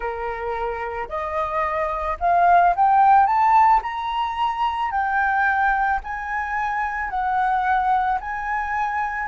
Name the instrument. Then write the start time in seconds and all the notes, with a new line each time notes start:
flute
0.00 A#4
1.08 D#5
2.20 F5
2.75 G5
3.26 A5
3.82 A#5
4.91 G5
6.03 G#5
7.09 F#5
8.20 G#5